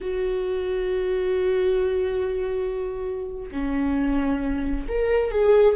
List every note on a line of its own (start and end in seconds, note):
0.00 3.50 F#4
3.51 4.86 C#4
4.88 5.31 A#4
5.31 5.76 G#4